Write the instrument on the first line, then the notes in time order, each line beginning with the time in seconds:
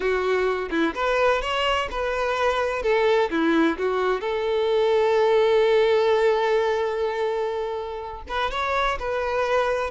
violin
0.00 F#4
0.70 E4
0.94 B4
1.41 C#5
1.90 B4
2.82 A4
3.30 E4
3.78 F#4
4.20 A4
8.28 B4
8.51 C#5
8.99 B4